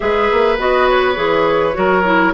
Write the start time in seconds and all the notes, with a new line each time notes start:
0.00 G#3 G#4 B4 E5
0.31 A#3
0.58 B3 F#4 D#5
0.89 C#5
1.14 E3 G#4
1.73 F#3 F#4 A#4
2.04 E4